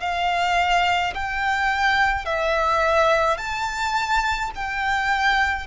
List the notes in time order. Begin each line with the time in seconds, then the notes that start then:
0.00 F5
1.14 G5
2.25 E5
3.37 A5
4.55 G5